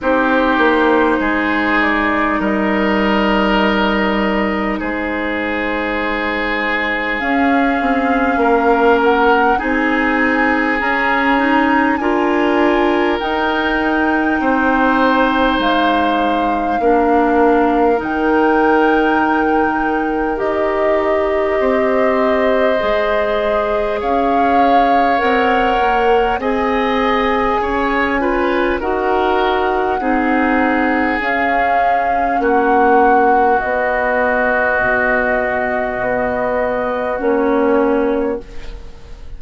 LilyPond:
<<
  \new Staff \with { instrumentName = "flute" } { \time 4/4 \tempo 4 = 50 c''4. d''8 dis''2 | c''2 f''4. fis''8 | gis''4 ais''4 gis''4 g''4~ | g''4 f''2 g''4~ |
g''4 dis''2. | f''4 fis''4 gis''2 | fis''2 f''4 fis''4 | dis''2. cis''4 | }
  \new Staff \with { instrumentName = "oboe" } { \time 4/4 g'4 gis'4 ais'2 | gis'2. ais'4 | gis'2 ais'2 | c''2 ais'2~ |
ais'2 c''2 | cis''2 dis''4 cis''8 b'8 | ais'4 gis'2 fis'4~ | fis'1 | }
  \new Staff \with { instrumentName = "clarinet" } { \time 4/4 dis'1~ | dis'2 cis'2 | dis'4 cis'8 dis'8 f'4 dis'4~ | dis'2 d'4 dis'4~ |
dis'4 g'2 gis'4~ | gis'4 ais'4 gis'4. f'8 | fis'4 dis'4 cis'2 | b2. cis'4 | }
  \new Staff \with { instrumentName = "bassoon" } { \time 4/4 c'8 ais8 gis4 g2 | gis2 cis'8 c'8 ais4 | c'4 cis'4 d'4 dis'4 | c'4 gis4 ais4 dis4~ |
dis4 dis'4 c'4 gis4 | cis'4 c'8 ais8 c'4 cis'4 | dis'4 c'4 cis'4 ais4 | b4 b,4 b4 ais4 | }
>>